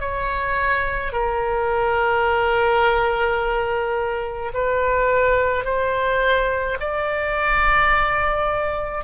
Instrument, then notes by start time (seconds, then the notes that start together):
oboe
0.00 C#5
1.12 A#4
4.53 B4
5.64 C5
6.80 D5